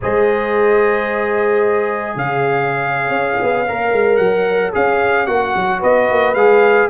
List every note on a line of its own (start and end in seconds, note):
0.01 2.15 G#3
0.01 3.66 G#4
0.01 2.15 C5
0.01 2.17 D#5
2.15 3.09 C#3
2.15 5.79 C#5
2.15 4.16 F5
3.09 3.36 C#4
3.41 3.68 B3
3.67 3.92 A#3
3.67 4.73 A#4
3.92 4.18 G#3
4.16 4.72 F#3
4.16 4.70 F#5
4.73 5.27 C#4
4.73 5.26 G#4
4.73 5.26 F5
5.26 5.55 A#3
5.26 6.34 F#4
5.26 5.80 F#5
5.55 5.82 F#3
5.79 6.10 B3
5.79 6.87 B4
5.79 6.34 D#5
6.10 6.34 A#3
6.34 6.88 G#3
6.34 6.89 G#4
6.34 6.88 F5